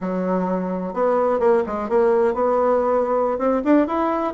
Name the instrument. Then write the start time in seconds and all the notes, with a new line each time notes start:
bassoon
0.01 F#3
0.93 B3
1.39 A#3
1.66 G#3
1.89 A#3
2.34 B3
3.38 C4
3.64 D4
3.87 E4